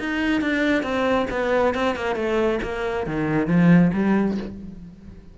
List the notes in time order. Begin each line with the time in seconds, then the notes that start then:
0.00 D#4
0.42 D4
0.83 C4
1.31 B3
1.75 C4
1.96 A#3
2.16 A3
2.63 A#3
3.07 D#3
3.48 F3
3.94 G3